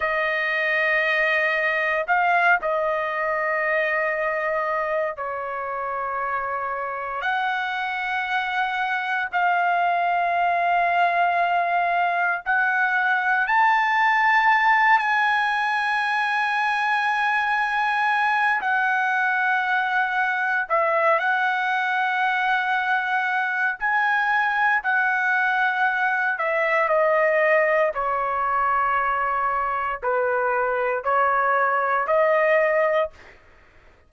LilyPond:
\new Staff \with { instrumentName = "trumpet" } { \time 4/4 \tempo 4 = 58 dis''2 f''8 dis''4.~ | dis''4 cis''2 fis''4~ | fis''4 f''2. | fis''4 a''4. gis''4.~ |
gis''2 fis''2 | e''8 fis''2~ fis''8 gis''4 | fis''4. e''8 dis''4 cis''4~ | cis''4 b'4 cis''4 dis''4 | }